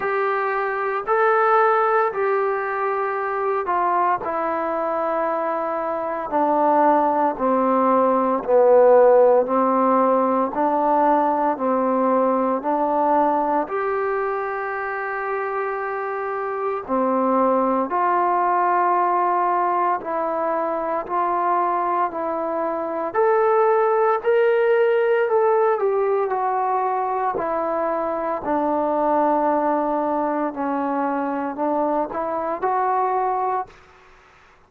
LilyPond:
\new Staff \with { instrumentName = "trombone" } { \time 4/4 \tempo 4 = 57 g'4 a'4 g'4. f'8 | e'2 d'4 c'4 | b4 c'4 d'4 c'4 | d'4 g'2. |
c'4 f'2 e'4 | f'4 e'4 a'4 ais'4 | a'8 g'8 fis'4 e'4 d'4~ | d'4 cis'4 d'8 e'8 fis'4 | }